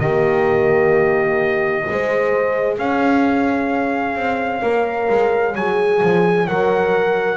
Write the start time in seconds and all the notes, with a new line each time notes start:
0.00 D#3 A#3 G4 D#5
1.86 G#3 G#4 C5
2.78 C#4 C#5 F5
4.16 C4
4.62 A#3 A#4
5.10 G#3
5.56 F#3 G#4 G#5
6.03 F3
6.47 F#3 A#4 F#5